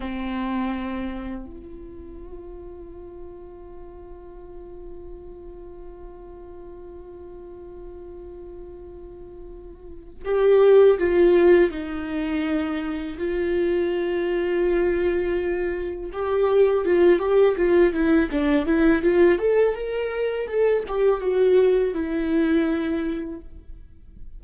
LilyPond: \new Staff \with { instrumentName = "viola" } { \time 4/4 \tempo 4 = 82 c'2 f'2~ | f'1~ | f'1~ | f'2 g'4 f'4 |
dis'2 f'2~ | f'2 g'4 f'8 g'8 | f'8 e'8 d'8 e'8 f'8 a'8 ais'4 | a'8 g'8 fis'4 e'2 | }